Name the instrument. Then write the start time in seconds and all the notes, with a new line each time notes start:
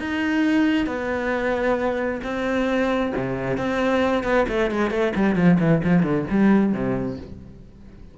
cello
0.00 D#4
0.87 B3
2.24 C4
3.16 C3
3.58 C4
4.24 B3
4.49 A3
4.71 G#3
4.91 A3
5.16 G3
5.36 F3
5.60 E3
5.84 F3
6.03 D3
6.30 G3
6.73 C3